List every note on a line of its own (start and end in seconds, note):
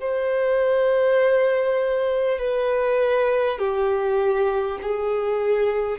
0.00 2.38 C5
2.38 3.58 B4
3.59 4.79 G4
4.82 5.99 G#4